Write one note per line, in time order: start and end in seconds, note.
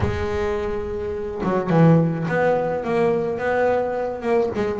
0.00 1.41 G#3
1.43 1.69 F#3
1.69 2.26 E3
2.28 2.84 B3
2.84 3.38 A#3
3.38 4.21 B3
4.21 4.49 A#3
4.55 4.79 G#3